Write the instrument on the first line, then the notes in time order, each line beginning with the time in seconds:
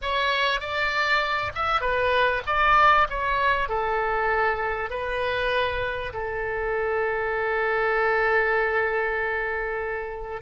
oboe
0.01 C#5
0.60 D5
1.54 E5
1.81 B4
2.46 D5
3.09 C#5
3.68 A4
4.90 B4
6.13 A4